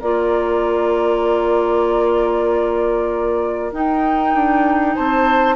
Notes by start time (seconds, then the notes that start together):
0.00 A#3 F4 A#4 D5
3.73 D#4 G5
4.34 D4
4.95 C4 C5 A5